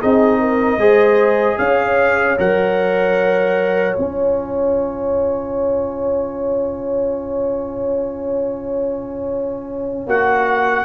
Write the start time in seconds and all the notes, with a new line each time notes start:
0.00 C4 D#4 G#4 D#5
0.40 A#4
0.78 G#3 G#4 C5
1.58 C#4 C#5 F5
2.38 F#3 A#4 F#5
3.95 C#4 F4 G#5
10.07 A#3 F#4 F#5